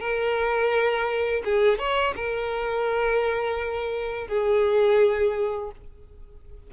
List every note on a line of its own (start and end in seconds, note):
0.00 1.43 A#4
1.45 1.79 G#4
1.79 2.15 C#5
2.16 4.28 A#4
4.28 5.71 G#4